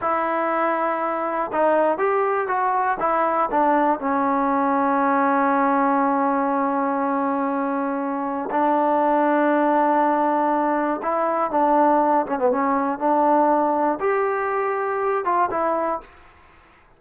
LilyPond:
\new Staff \with { instrumentName = "trombone" } { \time 4/4 \tempo 4 = 120 e'2. dis'4 | g'4 fis'4 e'4 d'4 | cis'1~ | cis'1~ |
cis'4 d'2.~ | d'2 e'4 d'4~ | d'8 cis'16 b16 cis'4 d'2 | g'2~ g'8 f'8 e'4 | }